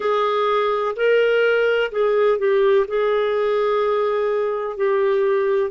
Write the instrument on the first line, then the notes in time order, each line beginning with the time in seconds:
clarinet
0.00 G#4
0.96 A#4
1.91 G#4
2.38 G4
2.87 G#4
4.77 G4